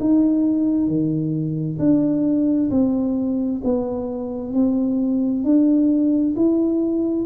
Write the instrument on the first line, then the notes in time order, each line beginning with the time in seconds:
tuba
0.00 D#4
0.88 D#3
1.79 D4
2.71 C4
3.64 B3
4.53 C4
5.44 D4
6.36 E4